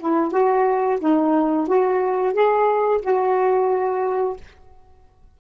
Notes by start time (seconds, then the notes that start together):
0.00 E4
0.32 F#4
1.01 D#4
1.68 F#4
2.34 G#4
3.02 F#4